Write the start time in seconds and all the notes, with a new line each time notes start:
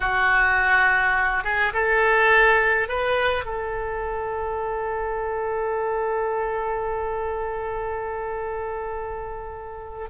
0.00 F#4
1.43 G#4
1.73 A4
2.88 B4
3.44 A4